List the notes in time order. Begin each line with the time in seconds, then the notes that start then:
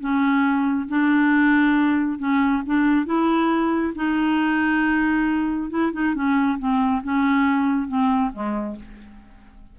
0.00 C#4
0.88 D4
2.19 C#4
2.66 D4
3.06 E4
3.95 D#4
5.70 E4
5.92 D#4
6.14 C#4
6.58 C4
7.03 C#4
7.88 C4
8.32 G#3